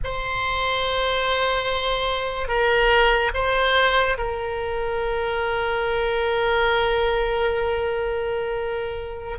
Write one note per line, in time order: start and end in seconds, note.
0.03 2.48 C5
2.48 3.31 A#4
3.33 4.17 C5
4.17 9.38 A#4